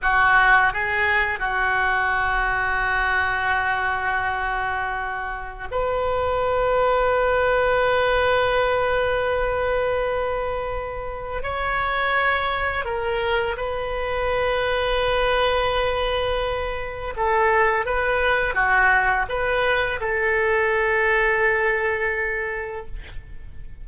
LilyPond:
\new Staff \with { instrumentName = "oboe" } { \time 4/4 \tempo 4 = 84 fis'4 gis'4 fis'2~ | fis'1 | b'1~ | b'1 |
cis''2 ais'4 b'4~ | b'1 | a'4 b'4 fis'4 b'4 | a'1 | }